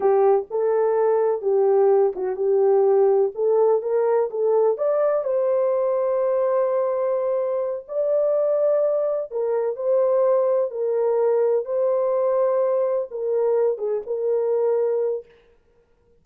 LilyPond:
\new Staff \with { instrumentName = "horn" } { \time 4/4 \tempo 4 = 126 g'4 a'2 g'4~ | g'8 fis'8 g'2 a'4 | ais'4 a'4 d''4 c''4~ | c''1~ |
c''8 d''2. ais'8~ | ais'8 c''2 ais'4.~ | ais'8 c''2. ais'8~ | ais'4 gis'8 ais'2~ ais'8 | }